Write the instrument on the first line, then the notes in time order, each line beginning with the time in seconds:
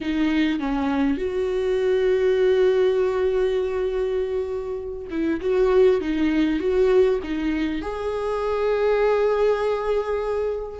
viola
0.00 D#4
0.59 C#4
1.17 F#4
5.10 E4
5.41 F#4
6.00 D#4
6.59 F#4
7.23 D#4
7.81 G#4